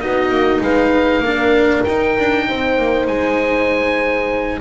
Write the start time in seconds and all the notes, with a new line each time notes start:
0.00 B3 D#4 F#4 D#5
0.30 A#3
0.61 G#3 B4 F5
1.20 A#3 D4 A#4
1.84 D#4 G5
2.19 D4
2.48 C4 C5
2.78 A#3
3.08 G#3 G#5